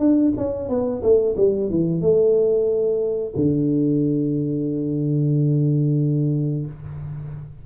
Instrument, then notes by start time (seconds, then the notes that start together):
tuba
0.00 D4
0.37 C#4
0.70 B3
1.03 A3
1.37 G3
1.71 E3
2.02 A3
3.37 D3